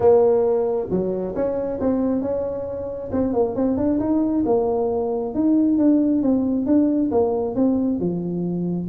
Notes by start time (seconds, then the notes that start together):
0.00 A#3
0.90 F#3
1.35 C#4
1.80 C4
2.21 C#4
3.12 C4
3.33 A#3
3.55 C4
3.77 D4
3.99 D#4
4.45 A#3
5.34 D#4
5.77 D4
6.22 C4
6.66 D4
7.11 A#3
7.55 C4
7.99 F3